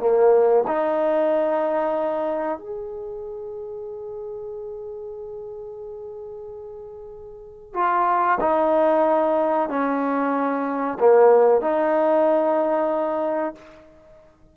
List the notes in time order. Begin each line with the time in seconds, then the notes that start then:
0.00 A#3
0.67 D#4
2.59 G#4
7.74 F4
8.41 D#4
9.69 C#4
11.00 A#3
11.62 D#4